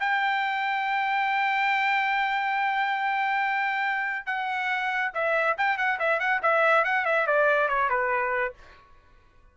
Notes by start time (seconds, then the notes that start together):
0.00 G5
4.26 F#5
5.14 E5
5.58 G5
5.78 F#5
5.99 E5
6.20 F#5
6.43 E5
6.84 F#5
7.06 E5
7.27 D5
7.69 C#5
7.90 B4